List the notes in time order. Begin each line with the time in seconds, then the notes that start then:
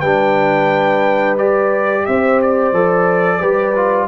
0.00 G3 D4 B4 G5
1.38 G4 D5
2.06 C4 C5 E5
2.42 D5
2.72 F3 A4
3.40 G3 G4 B4
3.76 F4